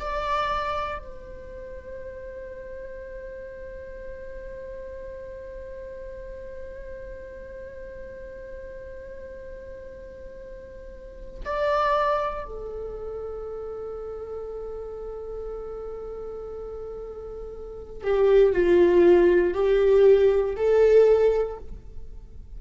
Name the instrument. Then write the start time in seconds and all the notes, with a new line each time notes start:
viola
0.00 D5
0.99 C5
11.45 D5
12.45 A4
18.04 G4
18.53 F4
19.54 G4
20.57 A4